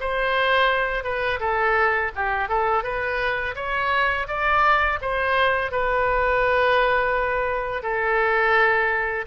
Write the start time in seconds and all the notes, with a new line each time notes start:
0.00 C5
1.04 B4
1.40 A4
2.15 G4
2.48 A4
2.83 B4
3.55 C#5
4.28 D5
5.01 C5
5.71 B4
7.82 A4